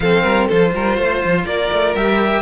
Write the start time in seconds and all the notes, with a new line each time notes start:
0.00 F3 C4 A4 F5
0.23 G3 A#4
0.47 F3 F4 A4 C5
0.74 G3 A#4
0.96 A3 C5
1.24 F3
1.45 A#3 A#4 D5
1.72 A3
1.94 G3 G4 E5